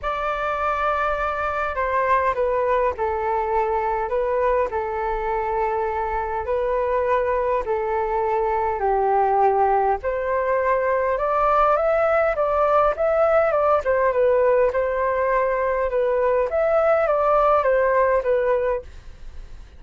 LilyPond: \new Staff \with { instrumentName = "flute" } { \time 4/4 \tempo 4 = 102 d''2. c''4 | b'4 a'2 b'4 | a'2. b'4~ | b'4 a'2 g'4~ |
g'4 c''2 d''4 | e''4 d''4 e''4 d''8 c''8 | b'4 c''2 b'4 | e''4 d''4 c''4 b'4 | }